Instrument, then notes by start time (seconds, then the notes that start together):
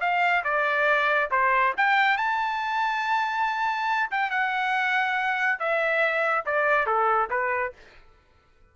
trumpet
0.00 F5
0.44 D5
1.30 C5
1.77 G5
2.17 A5
4.10 G5
4.30 F#5
5.59 E5
6.45 D5
6.86 A4
7.30 B4